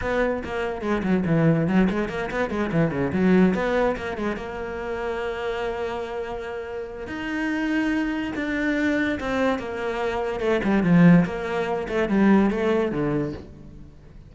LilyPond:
\new Staff \with { instrumentName = "cello" } { \time 4/4 \tempo 4 = 144 b4 ais4 gis8 fis8 e4 | fis8 gis8 ais8 b8 gis8 e8 cis8 fis8~ | fis8 b4 ais8 gis8 ais4.~ | ais1~ |
ais4 dis'2. | d'2 c'4 ais4~ | ais4 a8 g8 f4 ais4~ | ais8 a8 g4 a4 d4 | }